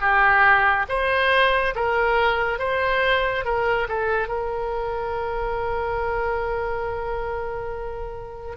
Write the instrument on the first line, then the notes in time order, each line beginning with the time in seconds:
oboe
0.00 G4
0.88 C5
1.75 A#4
2.59 C5
3.44 A#4
3.88 A4
4.28 A#4